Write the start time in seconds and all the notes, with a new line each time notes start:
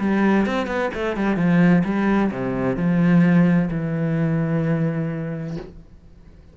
0.00 G3
0.46 C4
0.67 B3
0.94 A3
1.17 G3
1.37 F3
1.85 G3
2.32 C3
2.77 F3
3.71 E3